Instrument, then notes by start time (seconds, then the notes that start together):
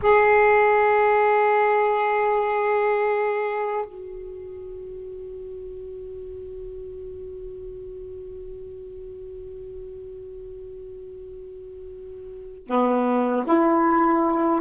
saxophone
0.01 G#4
3.85 F#4
12.67 B3
13.46 E4